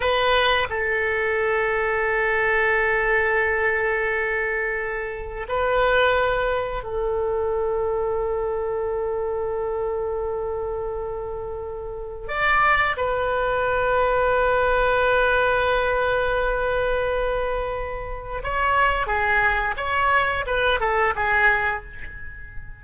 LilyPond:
\new Staff \with { instrumentName = "oboe" } { \time 4/4 \tempo 4 = 88 b'4 a'2.~ | a'1 | b'2 a'2~ | a'1~ |
a'2 d''4 b'4~ | b'1~ | b'2. cis''4 | gis'4 cis''4 b'8 a'8 gis'4 | }